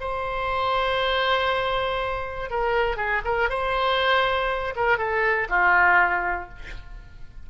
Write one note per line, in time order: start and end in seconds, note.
0.00 2.50 C5
2.50 2.97 A#4
2.97 3.22 G#4
3.25 3.49 A#4
3.49 4.74 C5
4.76 4.97 A#4
4.97 5.47 A4
5.49 6.49 F4